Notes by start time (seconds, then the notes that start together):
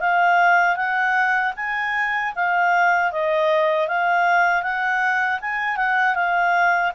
0.00 F5
0.76 F#5
1.56 G#5
2.35 F5
3.11 D#5
3.87 F5
4.62 F#5
5.41 G#5
5.77 F#5
6.15 F5